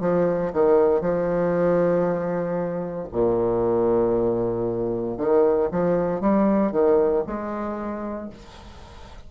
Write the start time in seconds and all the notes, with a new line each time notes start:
0.00 F3
0.53 D#3
1.01 F3
3.12 A#2
5.17 D#3
5.71 F3
6.21 G3
6.72 D#3
7.26 G#3